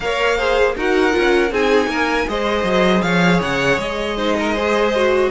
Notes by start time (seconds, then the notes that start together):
0.00 A#3 A#4 C#5 F5
0.37 G#4 C5
0.76 D#4 F#4 A#4 F#5
1.11 F4
1.18 C#4
1.51 C4 D#4 G#4 G#5
1.87 A#3 A#4
2.27 G#3 G#4 C5 D#5
2.63 F#3
3.02 F3 C#5 F5
3.41 C#3 F#5
3.77 G#3 D#5
4.16 D#4 C5
4.39 A#4
4.54 G#4 C5
4.95 F#4